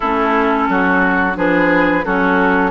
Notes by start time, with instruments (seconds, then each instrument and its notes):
0.00 bassoon A3, clarinet C#4, oboe E4, flute A4
0.68 bassoon F#3, oboe F#4
1.35 bassoon F3, clarinet D4, oboe G#4, flute B4
2.04 bassoon F#3, clarinet C#4, oboe F#4, flute A4